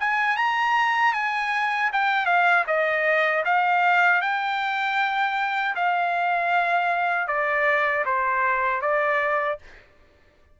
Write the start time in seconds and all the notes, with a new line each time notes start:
0.00 G#5
0.37 A#5
1.14 G#5
1.93 G5
2.26 F5
2.67 D#5
3.45 F5
4.21 G5
5.76 F5
7.28 D5
8.05 C5
8.82 D5